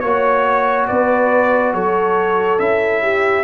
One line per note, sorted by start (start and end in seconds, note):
0.00 0.88 A#3
0.00 2.58 F#4
0.00 0.86 C#5
0.00 0.88 C#5
0.87 1.74 B3
0.87 1.74 B4
0.87 1.73 D5
1.74 2.59 F#3
1.74 3.02 A4
1.74 2.59 C#5
2.58 3.44 C#4
2.58 3.44 E4
2.58 3.44 E5
3.02 3.44 G4